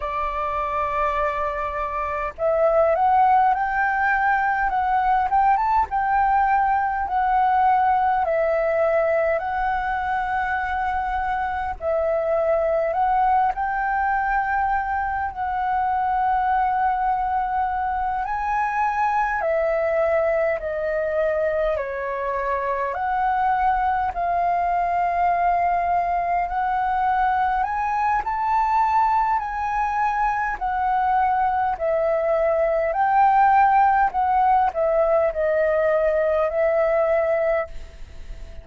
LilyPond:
\new Staff \with { instrumentName = "flute" } { \time 4/4 \tempo 4 = 51 d''2 e''8 fis''8 g''4 | fis''8 g''16 a''16 g''4 fis''4 e''4 | fis''2 e''4 fis''8 g''8~ | g''4 fis''2~ fis''8 gis''8~ |
gis''8 e''4 dis''4 cis''4 fis''8~ | fis''8 f''2 fis''4 gis''8 | a''4 gis''4 fis''4 e''4 | g''4 fis''8 e''8 dis''4 e''4 | }